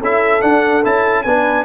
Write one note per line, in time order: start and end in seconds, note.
0.00 0.42 C#4
0.00 0.41 E4
0.00 1.24 A4
0.00 0.42 E5
0.41 0.83 D4
0.41 0.85 D4
0.41 0.83 F#5
0.84 1.25 C#4
0.84 1.26 E4
0.84 1.23 A5
1.23 1.65 B3
1.23 1.65 D4
1.23 1.65 B4
1.23 1.65 G#5